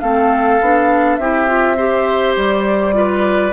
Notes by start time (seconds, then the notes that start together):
0.00 A3 C4 A4 F5
0.61 B3 D4
1.16 C4 E4 G4 E5
1.47 F4
1.77 G4 C5
2.36 G3 D5
2.93 F4 B4